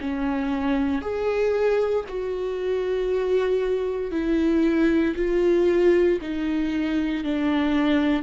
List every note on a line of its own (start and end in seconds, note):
0.00 1.01 C#4
1.01 2.05 G#4
2.08 4.11 F#4
4.11 5.14 E4
5.15 6.19 F4
6.21 7.24 D#4
7.24 8.22 D4